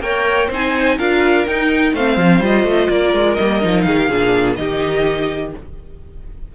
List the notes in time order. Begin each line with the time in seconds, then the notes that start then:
0.00 A#3 A#4 C#5 G5
0.48 C4 D#4 C5 G#5
0.98 D4 F4 A#4 F5
1.47 D#4 G5
1.94 A3 C4 C5 F5
2.17 F3
2.40 G3 F4 D#5
2.64 A3
2.90 A#3 A#4 D5
3.13 G#3
3.35 G3 A#3 D#5
3.61 F3 D#4
3.82 D#3 G#4 F5
3.98 G4
4.09 A#2 D4 G#4
4.56 D#3 D#4 G4 D#5